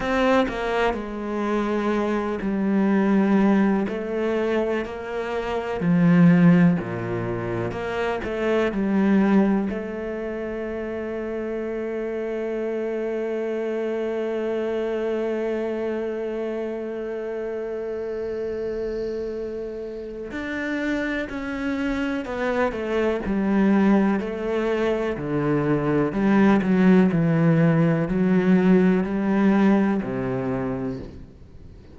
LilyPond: \new Staff \with { instrumentName = "cello" } { \time 4/4 \tempo 4 = 62 c'8 ais8 gis4. g4. | a4 ais4 f4 ais,4 | ais8 a8 g4 a2~ | a1~ |
a1~ | a4 d'4 cis'4 b8 a8 | g4 a4 d4 g8 fis8 | e4 fis4 g4 c4 | }